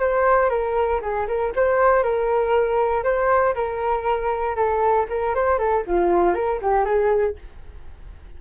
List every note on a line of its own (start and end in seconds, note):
0.00 0.50 C5
0.50 1.01 A#4
1.02 1.27 G#4
1.28 1.53 A#4
1.56 2.03 C5
2.03 3.04 A#4
3.04 3.55 C5
3.55 4.56 A#4
4.56 5.07 A4
5.09 5.35 A#4
5.35 5.59 C5
5.59 5.84 A4
5.87 6.35 F4
6.35 6.60 A#4
6.62 6.85 G4
6.85 7.36 G#4